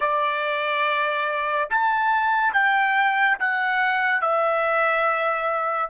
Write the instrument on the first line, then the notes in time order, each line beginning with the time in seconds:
trumpet
0.00 D5
1.69 A5
2.53 G5
3.39 F#5
4.21 E5